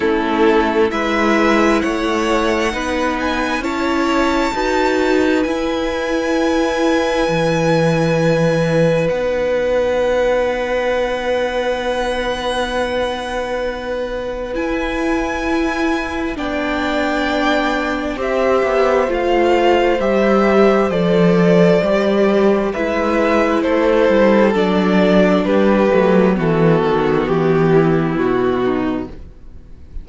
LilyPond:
<<
  \new Staff \with { instrumentName = "violin" } { \time 4/4 \tempo 4 = 66 a'4 e''4 fis''4. gis''8 | a''2 gis''2~ | gis''2 fis''2~ | fis''1 |
gis''2 g''2 | e''4 f''4 e''4 d''4~ | d''4 e''4 c''4 d''4 | b'4 a'4 g'4 fis'4 | }
  \new Staff \with { instrumentName = "violin" } { \time 4/4 e'4 b'4 cis''4 b'4 | cis''4 b'2.~ | b'1~ | b'1~ |
b'2 d''2 | c''1~ | c''4 b'4 a'2 | g'4 fis'4. e'4 dis'8 | }
  \new Staff \with { instrumentName = "viola" } { \time 4/4 cis'4 e'2 dis'4 | e'4 fis'4 e'2~ | e'2 dis'2~ | dis'1 |
e'2 d'2 | g'4 f'4 g'4 a'4 | g'4 e'2 d'4~ | d'8 a8 b2. | }
  \new Staff \with { instrumentName = "cello" } { \time 4/4 a4 gis4 a4 b4 | cis'4 dis'4 e'2 | e2 b2~ | b1 |
e'2 b2 | c'8 b8 a4 g4 f4 | g4 gis4 a8 g8 fis4 | g8 fis8 e8 dis8 e4 b,4 | }
>>